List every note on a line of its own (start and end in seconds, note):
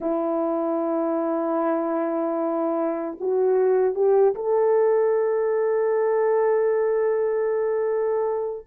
0.00 3.16 E4
3.19 3.95 F#4
3.95 4.34 G4
4.34 8.66 A4